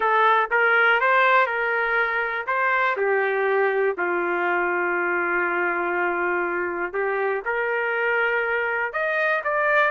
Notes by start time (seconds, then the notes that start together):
0.00 A4
0.50 A#4
1.00 C5
1.46 A#4
2.46 C5
2.96 G4
3.97 F4
6.93 G4
7.45 A#4
8.93 D#5
9.44 D5